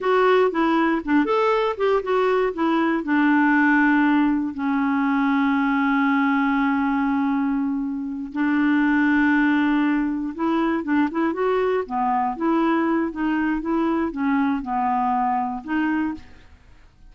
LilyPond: \new Staff \with { instrumentName = "clarinet" } { \time 4/4 \tempo 4 = 119 fis'4 e'4 d'8 a'4 g'8 | fis'4 e'4 d'2~ | d'4 cis'2.~ | cis'1~ |
cis'8 d'2.~ d'8~ | d'8 e'4 d'8 e'8 fis'4 b8~ | b8 e'4. dis'4 e'4 | cis'4 b2 dis'4 | }